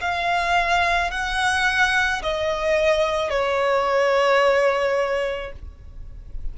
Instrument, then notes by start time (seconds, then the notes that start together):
violin
0.00 F5
1.11 F#5
2.22 D#5
3.30 C#5